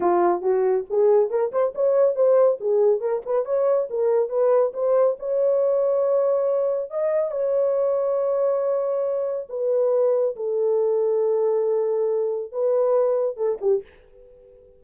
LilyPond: \new Staff \with { instrumentName = "horn" } { \time 4/4 \tempo 4 = 139 f'4 fis'4 gis'4 ais'8 c''8 | cis''4 c''4 gis'4 ais'8 b'8 | cis''4 ais'4 b'4 c''4 | cis''1 |
dis''4 cis''2.~ | cis''2 b'2 | a'1~ | a'4 b'2 a'8 g'8 | }